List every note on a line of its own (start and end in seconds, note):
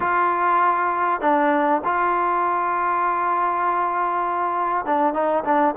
0.00 1.20 F4
1.20 1.81 D4
1.84 4.85 F4
4.85 5.13 D4
5.13 5.43 D#4
5.44 5.74 D4